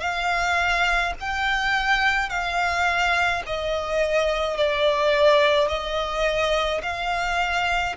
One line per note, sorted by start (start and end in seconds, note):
0.00 1.13 F5
1.20 2.29 G5
2.29 3.42 F5
3.46 4.56 D#5
4.56 5.68 D5
5.68 6.81 D#5
6.82 7.96 F5